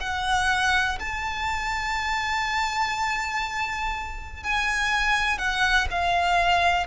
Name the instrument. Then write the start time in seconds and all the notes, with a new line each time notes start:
violin
0.00 F#5
0.99 A5
4.43 G#5
5.38 F#5
5.90 F5